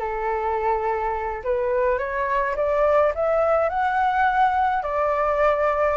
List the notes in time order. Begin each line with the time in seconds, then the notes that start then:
0.00 A4
1.44 B4
1.99 C#5
2.57 D5
3.15 E5
3.70 F#5
4.83 D5